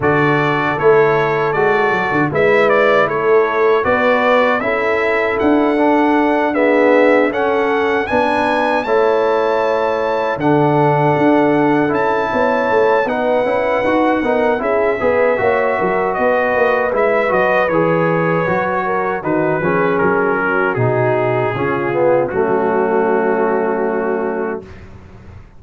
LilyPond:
<<
  \new Staff \with { instrumentName = "trumpet" } { \time 4/4 \tempo 4 = 78 d''4 cis''4 d''4 e''8 d''8 | cis''4 d''4 e''4 fis''4~ | fis''8 e''4 fis''4 gis''4 a''8~ | a''4. fis''2 a''8~ |
a''4 fis''2 e''4~ | e''4 dis''4 e''8 dis''8 cis''4~ | cis''4 b'4 ais'4 gis'4~ | gis'4 fis'2. | }
  \new Staff \with { instrumentName = "horn" } { \time 4/4 a'2. b'4 | a'4 b'4 a'2~ | a'8 gis'4 a'4 b'4 cis''8~ | cis''4. a'2~ a'8 |
cis''4 b'4. ais'8 gis'8 b'8 | cis''8 ais'8 b'2.~ | b'8 ais'8 fis'8 gis'4 fis'4. | f'4 cis'2. | }
  \new Staff \with { instrumentName = "trombone" } { \time 4/4 fis'4 e'4 fis'4 e'4~ | e'4 fis'4 e'4. d'8~ | d'8 b4 cis'4 d'4 e'8~ | e'4. d'2 e'8~ |
e'4 dis'8 e'8 fis'8 dis'8 e'8 gis'8 | fis'2 e'8 fis'8 gis'4 | fis'4 dis'8 cis'4. dis'4 | cis'8 b8 a2. | }
  \new Staff \with { instrumentName = "tuba" } { \time 4/4 d4 a4 gis8 fis16 d16 gis4 | a4 b4 cis'4 d'4~ | d'4. cis'4 b4 a8~ | a4. d4 d'4 cis'8 |
b8 a8 b8 cis'8 dis'8 b8 cis'8 b8 | ais8 fis8 b8 ais8 gis8 fis8 e4 | fis4 dis8 f8 fis4 b,4 | cis4 fis2. | }
>>